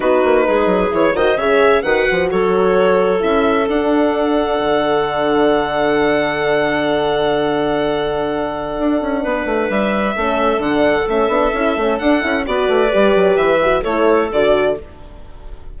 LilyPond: <<
  \new Staff \with { instrumentName = "violin" } { \time 4/4 \tempo 4 = 130 b'2 cis''8 dis''8 e''4 | fis''4 cis''2 e''4 | fis''1~ | fis''1~ |
fis''1~ | fis''4 e''2 fis''4 | e''2 fis''4 d''4~ | d''4 e''4 cis''4 d''4 | }
  \new Staff \with { instrumentName = "clarinet" } { \time 4/4 fis'4 gis'4. c''8 cis''4 | b'4 a'2.~ | a'1~ | a'1~ |
a'1 | b'2 a'2~ | a'2. b'4~ | b'2 a'2 | }
  \new Staff \with { instrumentName = "horn" } { \time 4/4 dis'2 e'8 fis'8 gis'4 | fis'2. e'4 | d'1~ | d'1~ |
d'1~ | d'2 cis'4 d'4 | cis'8 d'8 e'8 cis'8 d'8 e'8 fis'4 | g'4. fis'8 e'4 fis'4 | }
  \new Staff \with { instrumentName = "bassoon" } { \time 4/4 b8 ais8 gis8 fis8 e8 dis8 cis4 | dis8 f8 fis2 cis'4 | d'2 d2~ | d1~ |
d2. d'8 cis'8 | b8 a8 g4 a4 d4 | a8 b8 cis'8 a8 d'8 cis'8 b8 a8 | g8 fis8 e4 a4 d4 | }
>>